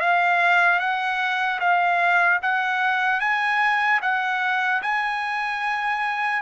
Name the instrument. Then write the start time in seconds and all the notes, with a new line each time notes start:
trumpet
0.00 F5
0.79 F#5
1.60 F5
2.42 F#5
3.20 G#5
4.01 F#5
4.82 G#5